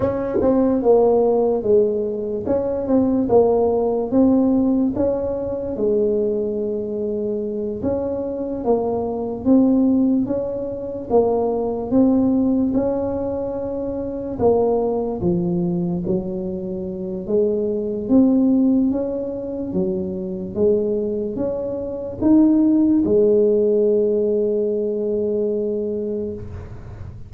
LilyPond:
\new Staff \with { instrumentName = "tuba" } { \time 4/4 \tempo 4 = 73 cis'8 c'8 ais4 gis4 cis'8 c'8 | ais4 c'4 cis'4 gis4~ | gis4. cis'4 ais4 c'8~ | c'8 cis'4 ais4 c'4 cis'8~ |
cis'4. ais4 f4 fis8~ | fis4 gis4 c'4 cis'4 | fis4 gis4 cis'4 dis'4 | gis1 | }